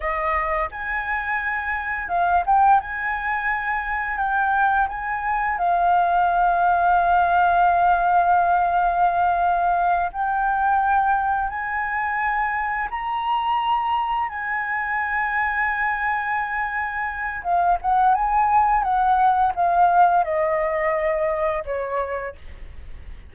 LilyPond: \new Staff \with { instrumentName = "flute" } { \time 4/4 \tempo 4 = 86 dis''4 gis''2 f''8 g''8 | gis''2 g''4 gis''4 | f''1~ | f''2~ f''8 g''4.~ |
g''8 gis''2 ais''4.~ | ais''8 gis''2.~ gis''8~ | gis''4 f''8 fis''8 gis''4 fis''4 | f''4 dis''2 cis''4 | }